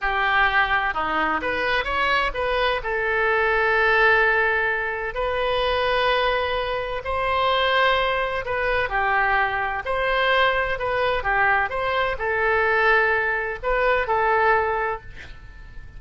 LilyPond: \new Staff \with { instrumentName = "oboe" } { \time 4/4 \tempo 4 = 128 g'2 dis'4 b'4 | cis''4 b'4 a'2~ | a'2. b'4~ | b'2. c''4~ |
c''2 b'4 g'4~ | g'4 c''2 b'4 | g'4 c''4 a'2~ | a'4 b'4 a'2 | }